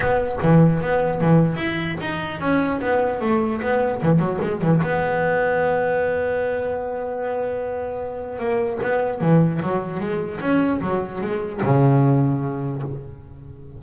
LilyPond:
\new Staff \with { instrumentName = "double bass" } { \time 4/4 \tempo 4 = 150 b4 e4 b4 e4 | e'4 dis'4 cis'4 b4 | a4 b4 e8 fis8 gis8 e8 | b1~ |
b1~ | b4 ais4 b4 e4 | fis4 gis4 cis'4 fis4 | gis4 cis2. | }